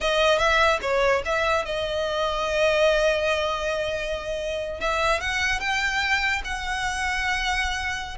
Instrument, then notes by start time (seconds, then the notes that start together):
violin
0.01 D#5
0.38 E5
0.81 C#5
1.25 E5
1.65 D#5
4.80 E5
5.20 F#5
5.60 G5
6.44 F#5